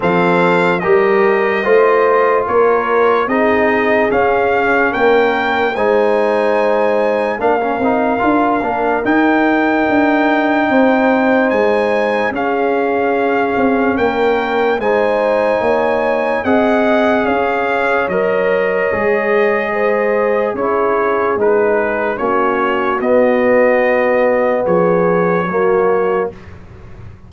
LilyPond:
<<
  \new Staff \with { instrumentName = "trumpet" } { \time 4/4 \tempo 4 = 73 f''4 dis''2 cis''4 | dis''4 f''4 g''4 gis''4~ | gis''4 f''2 g''4~ | g''2 gis''4 f''4~ |
f''4 g''4 gis''2 | fis''4 f''4 dis''2~ | dis''4 cis''4 b'4 cis''4 | dis''2 cis''2 | }
  \new Staff \with { instrumentName = "horn" } { \time 4/4 a'4 ais'4 c''4 ais'4 | gis'2 ais'4 c''4~ | c''4 ais'2.~ | ais'4 c''2 gis'4~ |
gis'4 ais'4 c''4 cis''4 | dis''4 cis''2. | c''4 gis'2 fis'4~ | fis'2 gis'4 fis'4 | }
  \new Staff \with { instrumentName = "trombone" } { \time 4/4 c'4 g'4 f'2 | dis'4 cis'2 dis'4~ | dis'4 d'16 cis'16 dis'8 f'8 d'8 dis'4~ | dis'2. cis'4~ |
cis'2 dis'2 | gis'2 ais'4 gis'4~ | gis'4 e'4 dis'4 cis'4 | b2. ais4 | }
  \new Staff \with { instrumentName = "tuba" } { \time 4/4 f4 g4 a4 ais4 | c'4 cis'4 ais4 gis4~ | gis4 ais8 c'8 d'8 ais8 dis'4 | d'4 c'4 gis4 cis'4~ |
cis'8 c'8 ais4 gis4 ais4 | c'4 cis'4 fis4 gis4~ | gis4 cis'4 gis4 ais4 | b2 f4 fis4 | }
>>